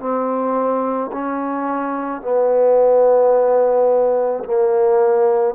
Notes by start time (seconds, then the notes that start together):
0.00 C4
1.13 C#4
2.22 B3
4.44 A#3